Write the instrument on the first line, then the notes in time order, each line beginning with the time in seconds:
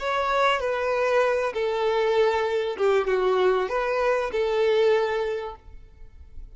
violin
0.00 C#5
0.60 B4
1.54 A4
2.78 G4
3.08 F#4
3.69 B4
4.32 A4